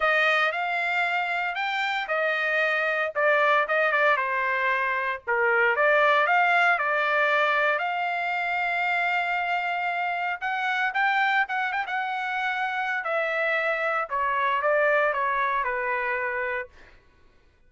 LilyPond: \new Staff \with { instrumentName = "trumpet" } { \time 4/4 \tempo 4 = 115 dis''4 f''2 g''4 | dis''2 d''4 dis''8 d''8 | c''2 ais'4 d''4 | f''4 d''2 f''4~ |
f''1 | fis''4 g''4 fis''8 g''16 fis''4~ fis''16~ | fis''4 e''2 cis''4 | d''4 cis''4 b'2 | }